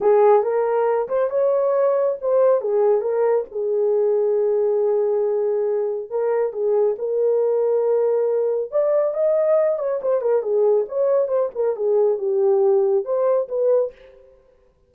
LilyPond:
\new Staff \with { instrumentName = "horn" } { \time 4/4 \tempo 4 = 138 gis'4 ais'4. c''8 cis''4~ | cis''4 c''4 gis'4 ais'4 | gis'1~ | gis'2 ais'4 gis'4 |
ais'1 | d''4 dis''4. cis''8 c''8 ais'8 | gis'4 cis''4 c''8 ais'8 gis'4 | g'2 c''4 b'4 | }